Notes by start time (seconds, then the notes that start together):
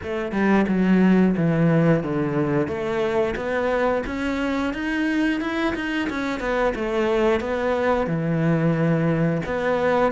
0.02 A3
0.32 G3
0.68 F#3
1.36 E3
2.03 D3
2.67 A3
3.36 B3
4.06 C#4
4.73 D#4
5.40 E4
5.75 D#4
6.09 C#4
6.40 B3
6.75 A3
7.40 B3
8.06 E3
9.45 B3